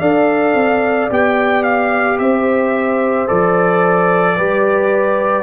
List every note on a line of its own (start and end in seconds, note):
0.00 0.54 D4
0.00 1.10 A4
0.00 2.18 D5
0.00 1.10 F5
0.54 1.09 C4
1.10 2.19 B3
1.10 3.27 G4
1.10 1.63 G5
1.63 2.18 F5
2.19 3.28 C4
2.19 4.36 C5
2.19 3.28 E5
3.27 4.38 F3
3.27 4.37 A4
3.27 5.43 D5
4.36 5.43 G3
4.36 5.43 G4
4.36 5.43 B4